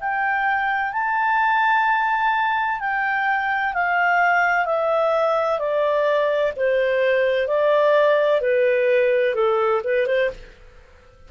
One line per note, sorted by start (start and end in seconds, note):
0.00 0.92 G5
0.92 2.80 A5
2.80 3.73 G5
3.73 4.65 F5
4.65 5.59 E5
5.59 6.52 D5
6.56 7.47 C5
7.47 8.41 D5
8.41 9.34 B4
9.34 9.81 A4
9.84 10.06 B4
10.06 10.30 C5